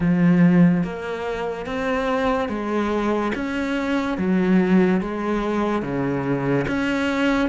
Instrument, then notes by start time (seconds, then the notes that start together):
cello
0.00 F3
0.83 A#3
1.66 C4
2.48 G#3
3.34 C#4
4.17 F#3
5.00 G#3
5.82 C#3
6.67 C#4